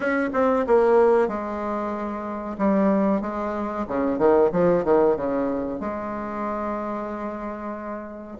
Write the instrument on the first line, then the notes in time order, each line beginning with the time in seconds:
bassoon
0.00 C#4
0.33 C4
0.66 A#3
1.28 G#3
2.58 G3
3.21 G#3
3.87 C#3
4.18 D#3
4.52 F3
4.84 D#3
5.16 C#3
5.79 G#3